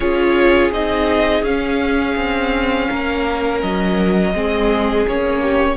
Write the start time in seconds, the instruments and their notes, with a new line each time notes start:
0.00 cello C#4, viola F4, violin G#4 C#5
0.72 cello C4, viola D#4, violin D#5
1.42 cello C#4, viola C#4, violin F5
2.16 cello C4
2.88 cello A#3, violin A#4
3.61 cello F#3, violin D#5
4.33 cello G#3, viola C4, violin G#4
5.07 cello A#3, viola C#4, violin C#5
5.41 violin G4